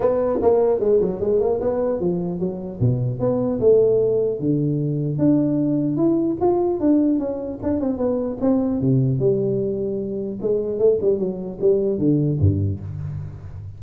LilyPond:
\new Staff \with { instrumentName = "tuba" } { \time 4/4 \tempo 4 = 150 b4 ais4 gis8 fis8 gis8 ais8 | b4 f4 fis4 b,4 | b4 a2 d4~ | d4 d'2 e'4 |
f'4 d'4 cis'4 d'8 c'8 | b4 c'4 c4 g4~ | g2 gis4 a8 g8 | fis4 g4 d4 g,4 | }